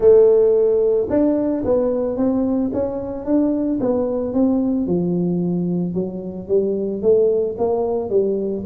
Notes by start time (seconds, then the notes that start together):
0.00 A3
1.09 D4
1.65 B3
2.16 C4
2.73 C#4
3.25 D4
3.80 B3
4.33 C4
4.86 F3
5.94 F#3
6.47 G3
7.01 A3
7.58 A#3
8.09 G3